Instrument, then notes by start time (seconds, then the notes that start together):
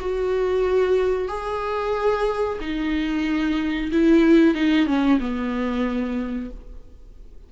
viola
0.00 F#4
1.28 G#4
2.60 D#4
3.92 E4
4.54 D#4
4.86 C#4
5.19 B3